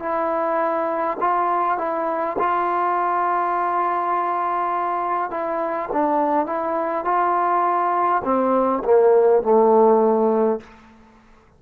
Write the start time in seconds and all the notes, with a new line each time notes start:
0.00 E4
1.20 F4
1.78 E4
2.39 F4
5.31 E4
5.93 D4
6.47 E4
7.05 F4
8.25 C4
8.84 A#3
9.43 A3